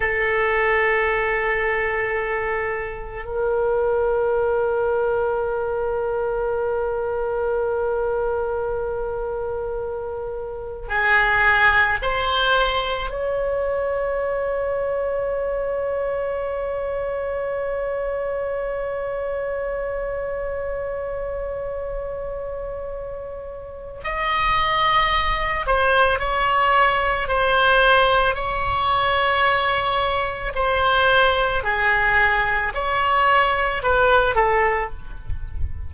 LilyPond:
\new Staff \with { instrumentName = "oboe" } { \time 4/4 \tempo 4 = 55 a'2. ais'4~ | ais'1~ | ais'2 gis'4 c''4 | cis''1~ |
cis''1~ | cis''2 dis''4. c''8 | cis''4 c''4 cis''2 | c''4 gis'4 cis''4 b'8 a'8 | }